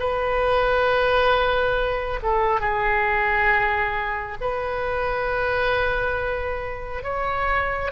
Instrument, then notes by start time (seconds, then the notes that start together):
oboe
0.00 B4
2.23 A4
2.61 G#4
4.42 B4
7.04 C#5